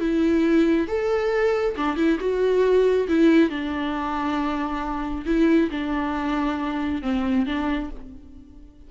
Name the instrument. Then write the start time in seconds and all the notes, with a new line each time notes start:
viola
0.00 E4
0.88 A4
1.77 D4
1.97 E4
2.20 F#4
3.09 E4
3.50 D4
5.26 E4
5.71 D4
7.03 C4
7.46 D4